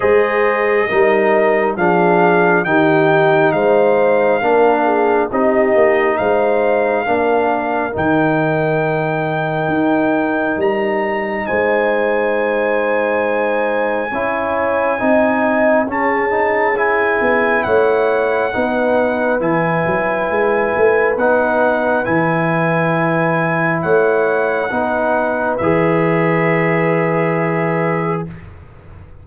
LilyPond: <<
  \new Staff \with { instrumentName = "trumpet" } { \time 4/4 \tempo 4 = 68 dis''2 f''4 g''4 | f''2 dis''4 f''4~ | f''4 g''2. | ais''4 gis''2.~ |
gis''2 a''4 gis''4 | fis''2 gis''2 | fis''4 gis''2 fis''4~ | fis''4 e''2. | }
  \new Staff \with { instrumentName = "horn" } { \time 4/4 c''4 ais'4 gis'4 g'4 | c''4 ais'8 gis'8 g'4 c''4 | ais'1~ | ais'4 c''2. |
cis''4 dis''4 gis'2 | cis''4 b'2.~ | b'2. cis''4 | b'1 | }
  \new Staff \with { instrumentName = "trombone" } { \time 4/4 gis'4 dis'4 d'4 dis'4~ | dis'4 d'4 dis'2 | d'4 dis'2.~ | dis'1 |
e'4 dis'4 cis'8 dis'8 e'4~ | e'4 dis'4 e'2 | dis'4 e'2. | dis'4 gis'2. | }
  \new Staff \with { instrumentName = "tuba" } { \time 4/4 gis4 g4 f4 dis4 | gis4 ais4 c'8 ais8 gis4 | ais4 dis2 dis'4 | g4 gis2. |
cis'4 c'4 cis'4. b8 | a4 b4 e8 fis8 gis8 a8 | b4 e2 a4 | b4 e2. | }
>>